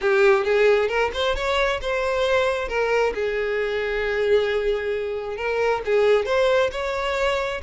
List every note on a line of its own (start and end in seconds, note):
0.01 0.44 G4
0.44 0.88 G#4
0.88 1.11 A#4
1.13 1.35 C5
1.35 1.80 C#5
1.81 2.68 C5
2.68 3.13 A#4
3.14 5.36 G#4
5.36 5.81 A#4
5.85 6.25 G#4
6.25 6.70 C5
6.71 7.61 C#5